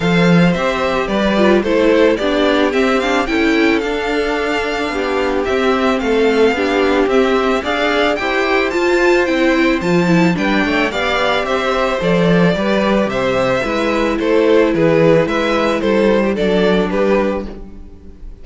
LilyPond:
<<
  \new Staff \with { instrumentName = "violin" } { \time 4/4 \tempo 4 = 110 f''4 e''4 d''4 c''4 | d''4 e''8 f''8 g''4 f''4~ | f''2 e''4 f''4~ | f''4 e''4 f''4 g''4 |
a''4 g''4 a''4 g''4 | f''4 e''4 d''2 | e''2 c''4 b'4 | e''4 c''4 d''4 b'4 | }
  \new Staff \with { instrumentName = "violin" } { \time 4/4 c''2 b'4 a'4 | g'2 a'2~ | a'4 g'2 a'4 | g'2 d''4 c''4~ |
c''2. b'8 cis''8 | d''4 c''2 b'4 | c''4 b'4 a'4 gis'4 | b'4 a'8. g'16 a'4 g'4 | }
  \new Staff \with { instrumentName = "viola" } { \time 4/4 a'4 g'4. f'8 e'4 | d'4 c'8 d'8 e'4 d'4~ | d'2 c'2 | d'4 c'4 gis'4 g'4 |
f'4 e'4 f'8 e'8 d'4 | g'2 a'4 g'4~ | g'4 e'2.~ | e'2 d'2 | }
  \new Staff \with { instrumentName = "cello" } { \time 4/4 f4 c'4 g4 a4 | b4 c'4 cis'4 d'4~ | d'4 b4 c'4 a4 | b4 c'4 d'4 e'4 |
f'4 c'4 f4 g8 a8 | b4 c'4 f4 g4 | c4 gis4 a4 e4 | gis4 g4 fis4 g4 | }
>>